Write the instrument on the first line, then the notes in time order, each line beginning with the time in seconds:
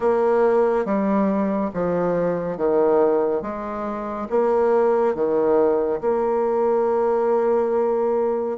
bassoon
0.00 A#3
0.85 G3
1.73 F3
2.57 D#3
3.42 G#3
4.30 A#3
5.14 D#3
6.00 A#3